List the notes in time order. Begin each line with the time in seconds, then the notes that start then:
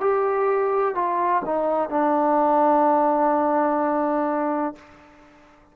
0.00 G4
0.94 F4
1.45 D#4
1.89 D4